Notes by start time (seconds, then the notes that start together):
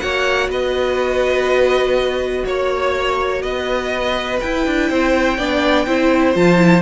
0.00 A#3 F#4 C#5 F#5
0.48 B3 B4 D#5
2.45 A#3 C#5
3.42 B3 B4 D#5
4.40 E4 G5
4.66 D4
4.90 C4 C5
5.37 B3 D4 D5
5.87 C4 E4 C5
6.35 F3 F4 A5
6.57 E4